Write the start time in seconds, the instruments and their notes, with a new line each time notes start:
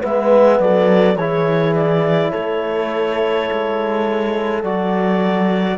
0.00 cello G#3, trombone B3, horn B4, clarinet E5
0.60 cello F#3, horn A4, clarinet D5
1.16 cello E3, trombone E4, horn G#4, clarinet C#5
1.76 clarinet D5
2.31 cello A3, horn A4, clarinet C#5
3.52 cello G#3
4.64 cello F#3, trombone F#4, clarinet D5